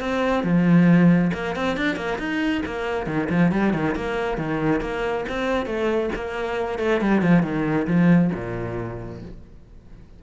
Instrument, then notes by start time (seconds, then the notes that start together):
cello
0.00 C4
0.43 F3
1.34 A#3
1.55 C4
1.77 D4
1.96 A#3
2.18 D#4
2.66 A#3
3.06 D#3
3.29 F3
3.51 G3
3.73 D#3
3.95 A#3
4.37 D#3
4.81 A#3
5.29 C4
5.66 A3
6.15 A#3
6.79 A3
7.01 G3
7.22 F3
7.43 D#3
7.87 F3
8.34 A#2